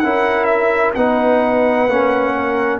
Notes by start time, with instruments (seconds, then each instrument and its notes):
0.00 tuba C#4, trombone E4, horn A#4, trumpet F#5
0.45 trumpet E5
0.95 tuba B3, trombone D#4, horn B4, trumpet F#5
1.88 tuba A#3, trombone C#4
2.35 horn A#4